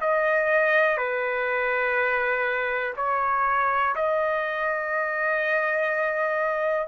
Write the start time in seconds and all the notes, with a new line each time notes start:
0.00 D#5
0.97 B4
2.96 C#5
3.95 D#5